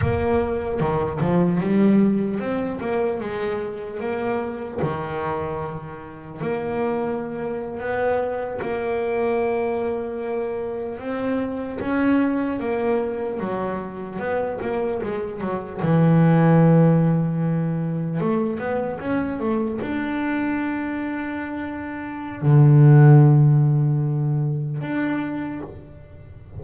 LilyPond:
\new Staff \with { instrumentName = "double bass" } { \time 4/4 \tempo 4 = 75 ais4 dis8 f8 g4 c'8 ais8 | gis4 ais4 dis2 | ais4.~ ais16 b4 ais4~ ais16~ | ais4.~ ais16 c'4 cis'4 ais16~ |
ais8. fis4 b8 ais8 gis8 fis8 e16~ | e2~ e8. a8 b8 cis'16~ | cis'16 a8 d'2.~ d'16 | d2. d'4 | }